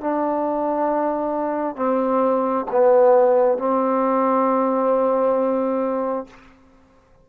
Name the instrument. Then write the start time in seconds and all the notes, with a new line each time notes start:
trombone
0.00 D4
1.75 C4
2.71 B3
3.58 C4